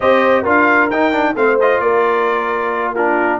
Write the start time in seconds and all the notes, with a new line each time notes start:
0.00 C4 G4 C5 D#5
0.42 D4 F4 A#4
0.49 F5
0.90 D#4 G5
1.12 D4
1.35 A3 C4 C5 F5
1.60 F4 D#5
1.80 A#3 A#4 D5
2.93 D4 F4 A#4